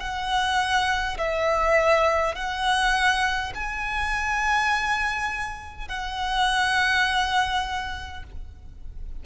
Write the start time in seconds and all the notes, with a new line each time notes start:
0.00 F#5
1.18 E5
2.35 F#5
3.55 G#5
5.88 F#5